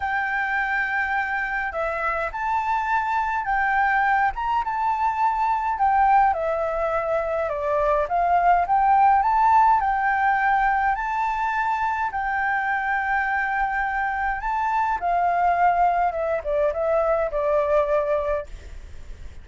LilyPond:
\new Staff \with { instrumentName = "flute" } { \time 4/4 \tempo 4 = 104 g''2. e''4 | a''2 g''4. ais''8 | a''2 g''4 e''4~ | e''4 d''4 f''4 g''4 |
a''4 g''2 a''4~ | a''4 g''2.~ | g''4 a''4 f''2 | e''8 d''8 e''4 d''2 | }